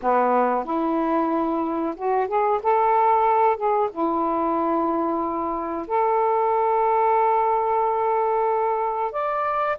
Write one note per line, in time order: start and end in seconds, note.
0.01 0.64 B3
0.64 1.94 E4
1.96 2.27 F#4
2.27 2.60 G#4
2.62 3.56 A4
3.56 3.89 G#4
3.91 5.87 E4
5.87 9.12 A4
9.12 9.76 D5